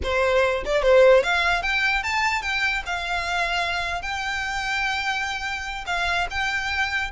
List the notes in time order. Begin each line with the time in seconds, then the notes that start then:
0.03 C5
0.65 D5
0.82 C5
1.23 F5
1.62 G5
2.03 A5
2.42 G5
2.86 F5
4.02 G5
5.86 F5
6.30 G5